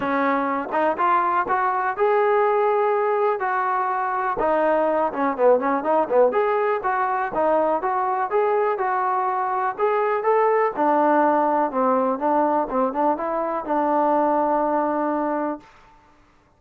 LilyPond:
\new Staff \with { instrumentName = "trombone" } { \time 4/4 \tempo 4 = 123 cis'4. dis'8 f'4 fis'4 | gis'2. fis'4~ | fis'4 dis'4. cis'8 b8 cis'8 | dis'8 b8 gis'4 fis'4 dis'4 |
fis'4 gis'4 fis'2 | gis'4 a'4 d'2 | c'4 d'4 c'8 d'8 e'4 | d'1 | }